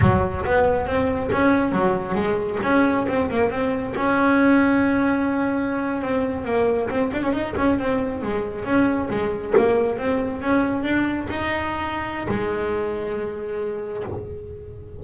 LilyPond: \new Staff \with { instrumentName = "double bass" } { \time 4/4 \tempo 4 = 137 fis4 b4 c'4 cis'4 | fis4 gis4 cis'4 c'8 ais8 | c'4 cis'2.~ | cis'4.~ cis'16 c'4 ais4 c'16~ |
c'16 d'16 cis'16 dis'8 cis'8 c'4 gis4 cis'16~ | cis'8. gis4 ais4 c'4 cis'16~ | cis'8. d'4 dis'2~ dis'16 | gis1 | }